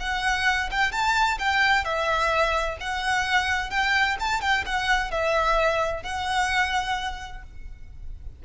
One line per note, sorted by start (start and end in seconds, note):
0.00 0.70 F#5
0.71 0.92 G5
0.92 1.38 A5
1.39 1.85 G5
1.85 2.78 E5
2.81 3.70 F#5
3.70 4.17 G5
4.20 4.41 A5
4.41 4.64 G5
4.66 5.11 F#5
5.11 6.03 E5
6.03 7.43 F#5